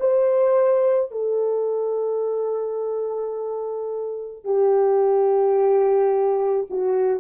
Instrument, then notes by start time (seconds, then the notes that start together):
horn
0.00 C5
1.12 A4
4.44 G4
6.70 F#4